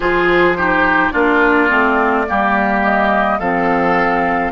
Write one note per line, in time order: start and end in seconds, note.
0.00 1.10 F3
0.00 0.54 F4
0.00 0.57 G#4
0.00 1.10 C5
0.57 1.12 D#4
0.57 1.12 G4
1.10 1.70 A#3
1.10 1.68 D4
1.10 2.25 F4
1.10 2.80 D5
1.68 2.27 A3
1.68 2.25 C4
2.27 3.40 G3
2.27 3.41 A#3
2.27 3.38 G4
2.84 3.39 D#5
3.38 4.52 F3
3.38 4.52 C4
3.38 4.52 A4
3.38 4.52 F5